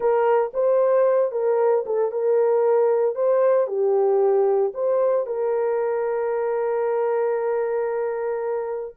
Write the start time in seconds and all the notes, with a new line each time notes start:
0.00 A#4
0.53 C5
1.31 A#4
1.85 A4
2.11 A#4
3.15 C5
3.67 G4
4.74 C5
5.26 A#4